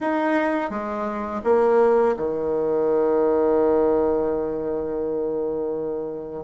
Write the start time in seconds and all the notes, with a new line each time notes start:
0.00 D#4
0.69 G#3
1.44 A#3
2.16 D#3